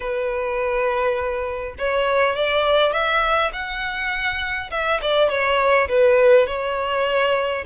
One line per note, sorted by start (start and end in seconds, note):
0.00 1.75 B4
1.78 2.35 C#5
2.35 2.92 D5
2.92 3.51 E5
3.52 4.70 F#5
4.71 5.00 E5
5.01 5.29 D5
5.29 5.88 C#5
5.88 6.47 B4
6.47 7.64 C#5